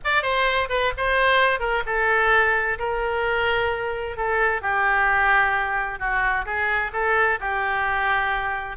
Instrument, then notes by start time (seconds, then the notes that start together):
oboe
0.04 D5
0.22 C5
0.69 B4
0.97 C5
1.59 A#4
1.86 A4
2.78 A#4
4.16 A4
4.61 G4
5.99 F#4
6.45 G#4
6.93 A4
7.40 G4